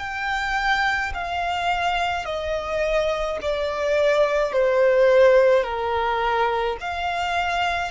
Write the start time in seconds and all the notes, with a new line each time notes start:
0.00 G5
1.15 F5
2.25 D#5
3.42 D5
4.53 C5
5.64 A#4
6.81 F5